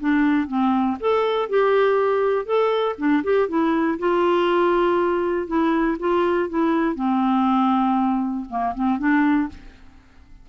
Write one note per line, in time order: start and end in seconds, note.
0.00 0.48 D4
0.48 0.98 C4
1.00 1.50 A4
1.50 2.46 G4
2.46 2.96 A4
2.98 3.23 D4
3.24 3.49 G4
3.49 3.99 E4
3.99 5.47 F4
5.47 5.97 E4
5.99 6.49 F4
6.49 6.95 E4
6.95 8.45 C4
8.50 8.75 A#3
8.75 8.99 C4
8.99 9.49 D4